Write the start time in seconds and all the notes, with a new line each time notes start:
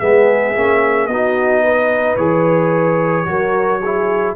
0.00 G#3 B3 G#4 E5
0.56 A#3 C#4
1.07 B3 D#4 F#4 D#5
1.64 B4
2.17 E3 G#4 C#5
3.26 F#3 F#4 A#4
3.81 E4 G#4